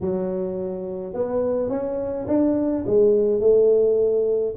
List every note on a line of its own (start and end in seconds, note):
0.01 1.13 F#3
1.13 1.69 B3
1.69 2.26 C#4
2.27 2.84 D4
2.86 3.40 G#3
3.40 4.54 A3